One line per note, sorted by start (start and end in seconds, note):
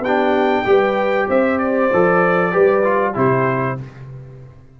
0.00 0.62 B3
0.00 0.67 G4
0.00 1.29 G5
0.07 0.65 D4
0.65 1.29 G3
0.65 1.90 G4
0.65 1.29 B4
1.29 1.92 C4
1.29 2.53 C5
1.29 1.59 E5
1.59 3.15 D5
1.93 2.55 F3
1.93 2.52 A4
2.52 3.16 G3
2.52 2.83 G4
2.52 3.15 B4
2.84 3.15 F4
3.15 3.78 C3
3.15 3.77 E4
3.15 3.78 G4
3.15 3.80 C5